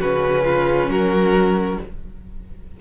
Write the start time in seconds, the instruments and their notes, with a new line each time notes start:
0.00 cello C#3, viola C#4, violin F#4 B4
0.44 violin F4
0.88 cello F#3, violin F#4 A#4